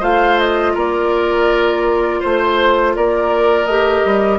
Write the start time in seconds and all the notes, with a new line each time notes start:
0.00 A3 F4 C5 F5
0.39 D#5
0.74 A#3 A#4 D5
2.20 A3 C5
2.96 A#3 A#4 D5
3.66 A3 G4 D#5
4.05 G3